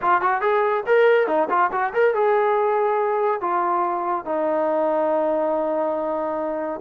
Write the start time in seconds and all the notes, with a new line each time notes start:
0.01 F4
0.21 F#4
0.41 G#4
0.86 A#4
1.27 D#4
1.49 F4
1.72 F#4
1.93 A#4
2.14 G#4
3.40 F4
4.25 D#4